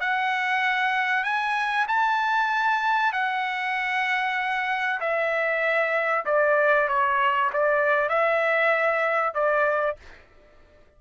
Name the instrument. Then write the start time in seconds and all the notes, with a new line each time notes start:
trumpet
0.00 F#5
1.24 G#5
1.88 A5
3.12 F#5
5.00 E5
6.26 D5
6.88 C#5
7.53 D5
8.09 E5
9.34 D5